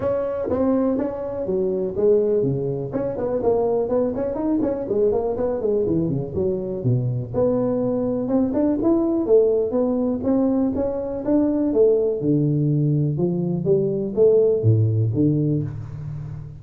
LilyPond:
\new Staff \with { instrumentName = "tuba" } { \time 4/4 \tempo 4 = 123 cis'4 c'4 cis'4 fis4 | gis4 cis4 cis'8 b8 ais4 | b8 cis'8 dis'8 cis'8 gis8 ais8 b8 gis8 | e8 cis8 fis4 b,4 b4~ |
b4 c'8 d'8 e'4 a4 | b4 c'4 cis'4 d'4 | a4 d2 f4 | g4 a4 a,4 d4 | }